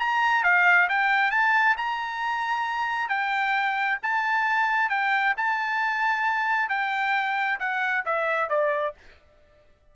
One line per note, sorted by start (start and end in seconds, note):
0.00 0.44 A#5
0.44 0.89 F5
0.90 1.31 G5
1.31 1.76 A5
1.77 3.09 A#5
3.09 3.99 G5
4.03 4.90 A5
4.90 5.35 G5
5.37 6.69 A5
6.69 7.59 G5
7.60 8.05 F#5
8.06 8.50 E5
8.50 8.95 D5